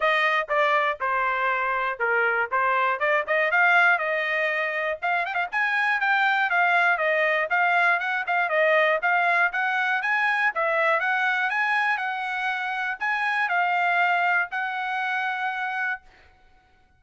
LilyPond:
\new Staff \with { instrumentName = "trumpet" } { \time 4/4 \tempo 4 = 120 dis''4 d''4 c''2 | ais'4 c''4 d''8 dis''8 f''4 | dis''2 f''8 g''16 f''16 gis''4 | g''4 f''4 dis''4 f''4 |
fis''8 f''8 dis''4 f''4 fis''4 | gis''4 e''4 fis''4 gis''4 | fis''2 gis''4 f''4~ | f''4 fis''2. | }